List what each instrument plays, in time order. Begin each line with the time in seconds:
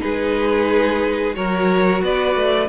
0.00 cello G#3, viola D#4, violin G#4 B4
1.33 cello F#3, viola F#4, violin A#4 C#5
2.02 cello B3, violin B4 D5
2.35 cello A3